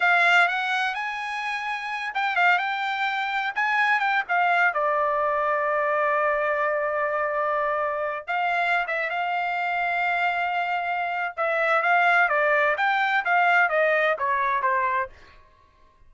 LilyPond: \new Staff \with { instrumentName = "trumpet" } { \time 4/4 \tempo 4 = 127 f''4 fis''4 gis''2~ | gis''8 g''8 f''8 g''2 gis''8~ | gis''8 g''8 f''4 d''2~ | d''1~ |
d''4. f''4~ f''16 e''8 f''8.~ | f''1 | e''4 f''4 d''4 g''4 | f''4 dis''4 cis''4 c''4 | }